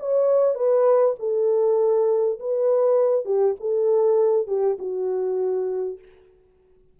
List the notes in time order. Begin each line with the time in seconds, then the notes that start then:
0.00 C#5
0.55 B4
1.19 A4
2.40 B4
3.25 G4
3.60 A4
4.47 G4
4.79 F#4